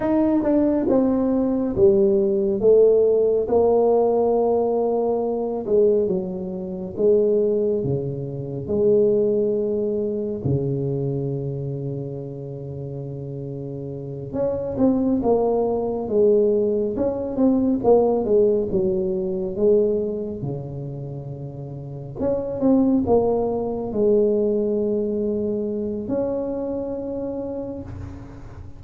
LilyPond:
\new Staff \with { instrumentName = "tuba" } { \time 4/4 \tempo 4 = 69 dis'8 d'8 c'4 g4 a4 | ais2~ ais8 gis8 fis4 | gis4 cis4 gis2 | cis1~ |
cis8 cis'8 c'8 ais4 gis4 cis'8 | c'8 ais8 gis8 fis4 gis4 cis8~ | cis4. cis'8 c'8 ais4 gis8~ | gis2 cis'2 | }